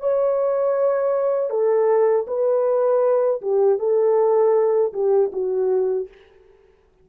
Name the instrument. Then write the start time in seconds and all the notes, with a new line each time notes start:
horn
0.00 C#5
1.50 A4
2.28 B4
3.42 G4
3.79 A4
4.93 G4
5.33 F#4